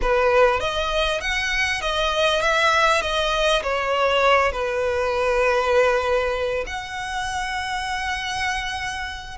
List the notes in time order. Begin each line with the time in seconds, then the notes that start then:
0.01 B4
0.60 D#5
1.20 F#5
1.81 D#5
2.41 E5
3.01 D#5
3.62 C#5
4.52 B4
6.66 F#5